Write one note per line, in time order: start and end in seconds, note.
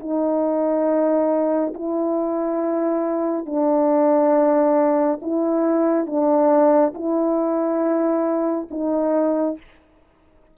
0.00 1.74 D#4
1.75 3.46 E4
3.46 5.20 D4
5.23 6.07 E4
6.07 6.94 D4
6.95 8.69 E4
8.71 9.58 D#4